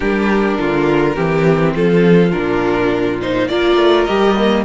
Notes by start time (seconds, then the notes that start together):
0.00 G3 D4 G4 A#4
0.59 D3 F4
1.14 E3 C4 G4
1.75 F3 F4 A4
2.32 A#2 D4 A#4
3.21 D#4 C5
3.47 A#3 F4 A#4 D5
3.76 A3
4.04 G3 G4 D#5
4.36 A#3